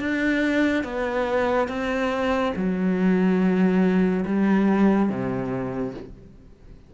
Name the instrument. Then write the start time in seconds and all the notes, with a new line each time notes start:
cello
0.00 D4
0.84 B3
1.69 C4
2.56 F#3
4.26 G3
5.10 C3